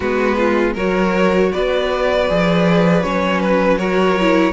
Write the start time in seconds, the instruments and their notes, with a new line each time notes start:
0.00 cello G#3, viola B3, violin F#4 B4
0.37 violin F4
0.74 cello F#3, viola F#4, violin A#4 C#5
1.52 cello B3, violin B4 D5
2.28 cello F3, viola G#4
3.02 cello F#3, viola C#4, violin C#5
3.40 violin B4
3.78 viola F#4, violin A#4 C#5
4.21 viola E4